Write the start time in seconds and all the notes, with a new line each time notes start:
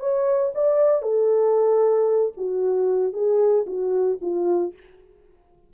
0.00 C#5
0.55 D5
1.02 A4
2.37 F#4
3.13 G#4
3.67 F#4
4.21 F4